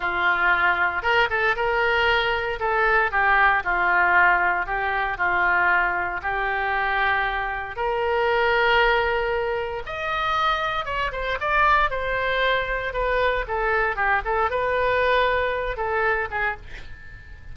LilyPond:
\new Staff \with { instrumentName = "oboe" } { \time 4/4 \tempo 4 = 116 f'2 ais'8 a'8 ais'4~ | ais'4 a'4 g'4 f'4~ | f'4 g'4 f'2 | g'2. ais'4~ |
ais'2. dis''4~ | dis''4 cis''8 c''8 d''4 c''4~ | c''4 b'4 a'4 g'8 a'8 | b'2~ b'8 a'4 gis'8 | }